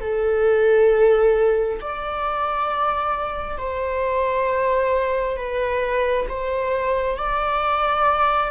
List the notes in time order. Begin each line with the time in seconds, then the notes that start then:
0.00 A4
1.81 D5
3.57 C5
5.36 B4
6.28 C5
7.17 D5